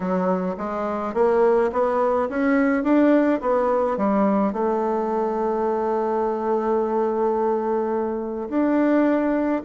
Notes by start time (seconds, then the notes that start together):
0.00 F#3
0.57 G#3
1.14 A#3
1.72 B3
2.29 C#4
2.83 D4
3.40 B3
3.97 G3
4.52 A3
8.49 D4